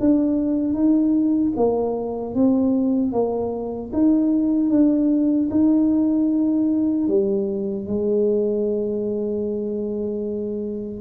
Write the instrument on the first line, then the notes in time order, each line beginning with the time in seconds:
tuba
0.00 D4
0.74 D#4
1.57 A#3
2.35 C4
3.13 A#3
3.93 D#4
4.71 D4
5.51 D#4
7.08 G3
7.87 G#3